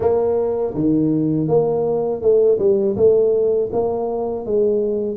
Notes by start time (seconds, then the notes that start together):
0.00 A#3
0.74 D#3
1.47 A#3
2.21 A3
2.59 G3
2.96 A3
3.72 A#3
4.45 G#3